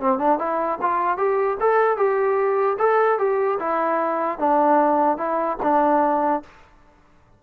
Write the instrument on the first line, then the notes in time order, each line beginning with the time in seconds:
trombone
0.00 C4
0.18 D4
0.38 E4
0.81 F4
1.17 G4
1.60 A4
1.97 G4
2.78 A4
3.18 G4
3.59 E4
4.38 D4
5.17 E4
5.62 D4